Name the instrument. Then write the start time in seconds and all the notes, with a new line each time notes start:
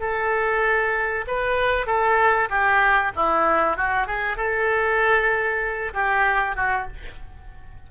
oboe
0.00 A4
1.27 B4
1.86 A4
2.49 G4
3.15 E4
3.77 F#4
4.07 G#4
4.37 A4
5.93 G4
6.56 F#4